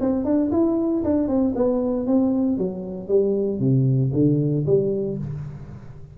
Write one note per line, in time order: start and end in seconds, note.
0.00 0.24 C4
0.24 0.50 D4
0.51 1.03 E4
1.04 1.28 D4
1.28 1.54 C4
1.55 2.06 B3
2.06 2.57 C4
2.57 3.08 F#3
3.08 3.59 G3
3.59 4.11 C3
4.13 4.65 D3
4.66 5.17 G3